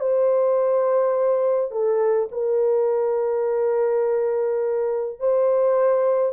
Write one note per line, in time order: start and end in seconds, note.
0.00 1.71 C5
1.71 2.29 A4
2.32 5.20 A#4
5.20 6.33 C5